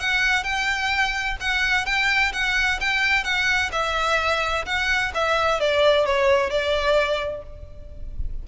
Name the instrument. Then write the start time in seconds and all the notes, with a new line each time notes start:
violin
0.00 F#5
0.44 G5
1.40 F#5
1.86 G5
2.33 F#5
2.81 G5
3.24 F#5
3.72 E5
4.66 F#5
5.14 E5
5.60 D5
6.05 C#5
6.50 D5